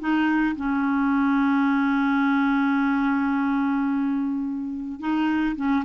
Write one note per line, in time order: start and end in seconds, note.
0.00 0.56 D#4
0.56 5.00 C#4
5.00 5.56 D#4
5.56 5.84 C#4